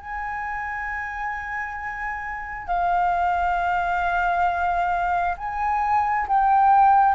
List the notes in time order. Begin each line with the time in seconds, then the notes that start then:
0.00 G#5
2.67 F5
5.38 G#5
6.28 G5